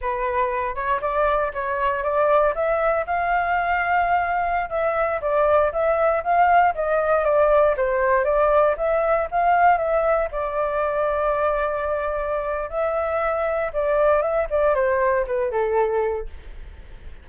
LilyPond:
\new Staff \with { instrumentName = "flute" } { \time 4/4 \tempo 4 = 118 b'4. cis''8 d''4 cis''4 | d''4 e''4 f''2~ | f''4~ f''16 e''4 d''4 e''8.~ | e''16 f''4 dis''4 d''4 c''8.~ |
c''16 d''4 e''4 f''4 e''8.~ | e''16 d''2.~ d''8.~ | d''4 e''2 d''4 | e''8 d''8 c''4 b'8 a'4. | }